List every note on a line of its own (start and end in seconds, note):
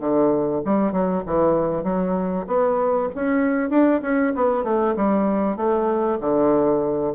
0.00 0.62 D3
0.65 0.92 G3
0.92 1.23 F#3
1.27 1.84 E3
1.84 2.45 F#3
2.47 3.09 B3
3.15 3.70 C#4
3.70 4.01 D4
4.02 4.33 C#4
4.36 4.64 B3
4.64 4.95 A3
4.97 5.57 G3
5.57 6.19 A3
6.21 7.14 D3